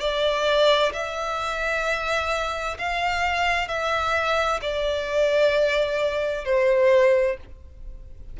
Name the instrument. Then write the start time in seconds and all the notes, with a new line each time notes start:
violin
0.00 D5
0.93 E5
2.79 F5
3.68 E5
4.62 D5
6.45 C5